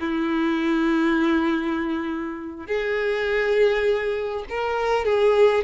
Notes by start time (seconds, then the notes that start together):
0.00 E4
2.66 G#4
4.49 A#4
5.05 G#4